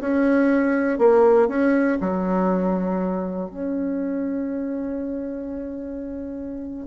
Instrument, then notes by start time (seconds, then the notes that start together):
bassoon
0.00 C#4
0.99 A#3
1.48 C#4
2.01 F#3
3.50 C#4